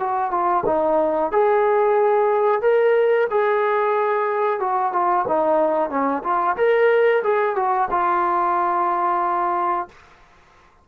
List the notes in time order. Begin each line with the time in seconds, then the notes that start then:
0.00 F#4
0.31 F4
0.66 D#4
1.32 G#4
2.62 A#4
3.31 G#4
4.60 F#4
4.93 F4
5.28 D#4
5.90 C#4
6.24 F4
6.57 A#4
7.24 G#4
7.56 F#4
7.91 F4